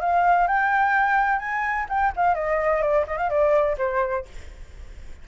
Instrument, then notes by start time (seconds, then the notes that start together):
flute
0.00 F5
0.47 G5
1.39 G#5
1.89 G5
2.16 F5
2.34 D#5
2.81 D5
3.07 D#5
3.17 F5
3.29 D5
3.78 C5